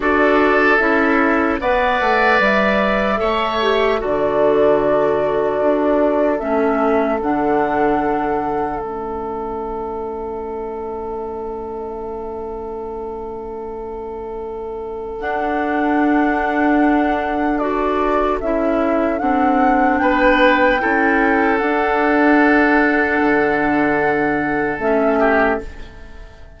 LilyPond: <<
  \new Staff \with { instrumentName = "flute" } { \time 4/4 \tempo 4 = 75 d''4 e''4 fis''4 e''4~ | e''4 d''2. | e''4 fis''2 e''4~ | e''1~ |
e''2. fis''4~ | fis''2 d''4 e''4 | fis''4 g''2 fis''4~ | fis''2. e''4 | }
  \new Staff \with { instrumentName = "oboe" } { \time 4/4 a'2 d''2 | cis''4 a'2.~ | a'1~ | a'1~ |
a'1~ | a'1~ | a'4 b'4 a'2~ | a'2.~ a'8 g'8 | }
  \new Staff \with { instrumentName = "clarinet" } { \time 4/4 fis'4 e'4 b'2 | a'8 g'8 fis'2. | cis'4 d'2 cis'4~ | cis'1~ |
cis'2. d'4~ | d'2 fis'4 e'4 | d'2 e'4 d'4~ | d'2. cis'4 | }
  \new Staff \with { instrumentName = "bassoon" } { \time 4/4 d'4 cis'4 b8 a8 g4 | a4 d2 d'4 | a4 d2 a4~ | a1~ |
a2. d'4~ | d'2. cis'4 | c'4 b4 cis'4 d'4~ | d'4 d2 a4 | }
>>